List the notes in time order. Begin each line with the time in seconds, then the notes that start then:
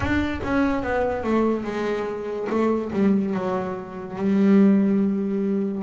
0.00 D4
0.43 C#4
0.83 B3
1.23 A3
1.64 G#3
2.49 A3
2.92 G3
3.33 F#3
4.16 G3